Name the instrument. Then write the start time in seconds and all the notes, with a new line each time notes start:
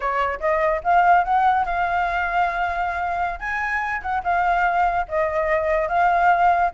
flute
0.00 C#5
0.39 D#5
0.83 F5
1.24 F#5
1.65 F5
3.39 G#5
4.02 F#5
4.23 F5
5.08 D#5
5.88 F5